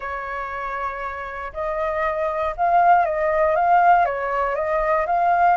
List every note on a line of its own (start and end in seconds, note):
0.00 1.52 C#5
1.53 2.55 D#5
2.56 3.05 F5
3.05 3.55 D#5
3.55 4.05 F5
4.05 4.55 C#5
4.55 5.06 D#5
5.06 5.57 F5